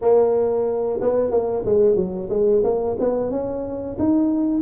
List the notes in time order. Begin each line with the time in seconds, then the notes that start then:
0.01 A#3
1.01 B3
1.30 A#3
1.65 G#3
1.95 F#3
2.29 G#3
2.63 A#3
2.99 B3
3.31 C#4
3.98 D#4